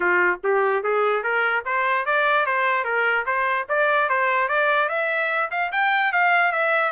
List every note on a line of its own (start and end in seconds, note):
0.00 0.40 F4
0.43 0.83 G4
0.83 1.23 G#4
1.23 1.64 A#4
1.65 2.05 C5
2.05 2.46 D5
2.46 2.84 C5
2.84 3.25 A#4
3.26 3.67 C5
3.68 4.09 D5
4.09 4.48 C5
4.48 4.88 D5
4.88 5.50 E5
5.51 5.71 F5
5.72 6.12 G5
6.12 6.52 F5
6.52 6.91 E5